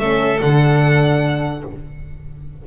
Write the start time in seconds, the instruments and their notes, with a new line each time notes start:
0.00 double bass A3, horn C#4, violin A4 E5
0.42 double bass D3, horn D4, violin F#5